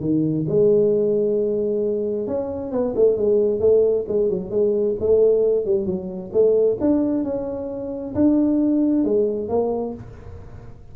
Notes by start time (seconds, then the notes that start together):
0.00 D#3
0.48 G#3
2.27 C#4
2.71 B3
2.95 A3
3.17 G#3
3.60 A3
4.08 G#3
4.29 F#3
4.50 G#3
5.00 A3
5.65 G3
5.86 F#3
6.32 A3
6.80 D4
7.24 C#4
8.14 D4
9.04 G#3
9.49 A#3